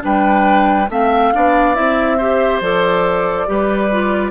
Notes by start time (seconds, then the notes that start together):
0.00 G3 D4 B4 G5
0.89 A3 C4 E5 F5
1.33 B3 D4 D5
1.74 C4 E4 E5
2.17 G4 C5
2.61 F3 A4 D5
3.47 G3 G4 B4
3.92 F4